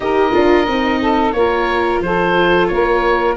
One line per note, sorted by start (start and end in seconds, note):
0.00 0.32 D#4
0.00 0.32 G4
0.00 1.01 A#4
0.00 1.31 D#5
0.32 0.67 D4
0.32 0.65 F4
0.67 1.33 C4
0.67 1.35 D#4
1.01 1.35 A4
1.31 2.00 A#3
1.31 3.36 F4
1.31 2.03 A#4
1.31 1.99 C#5
2.00 2.67 F3
2.00 2.71 A4
2.00 2.67 C5
2.67 3.36 A#3
2.67 3.36 A#4
2.67 3.34 C#5